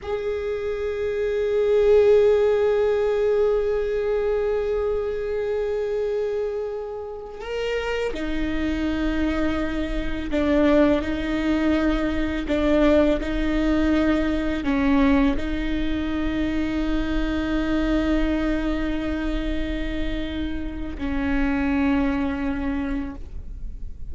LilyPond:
\new Staff \with { instrumentName = "viola" } { \time 4/4 \tempo 4 = 83 gis'1~ | gis'1~ | gis'2~ gis'16 ais'4 dis'8.~ | dis'2~ dis'16 d'4 dis'8.~ |
dis'4~ dis'16 d'4 dis'4.~ dis'16~ | dis'16 cis'4 dis'2~ dis'8.~ | dis'1~ | dis'4 cis'2. | }